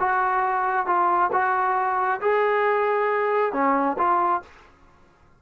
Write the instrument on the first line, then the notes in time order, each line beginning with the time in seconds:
trombone
0.00 F#4
0.87 F4
1.33 F#4
2.22 G#4
3.53 C#4
3.98 F4